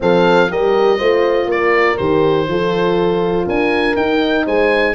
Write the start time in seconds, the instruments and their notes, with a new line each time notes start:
0.00 tuba F3, horn C4 A4, oboe F5
0.49 tuba G3, horn G4 A#4, oboe D#5
0.97 tuba A3, horn F4 C5
1.46 tuba A#3, oboe D5
1.52 horn A#4
1.97 tuba D#3, horn G4, oboe C5
2.47 tuba F3, horn F4 A4
3.45 tuba D4, horn A#4, oboe G#5
3.95 tuba D#4, horn D#4, oboe G5
4.45 tuba G#3, horn C5, oboe G#5